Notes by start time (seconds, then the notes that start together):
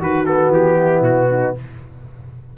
0.00 D#3 F#4 B4
0.27 B3 A4
0.49 E3 G4
0.77 E4
1.01 B2 F#4
1.31 D#4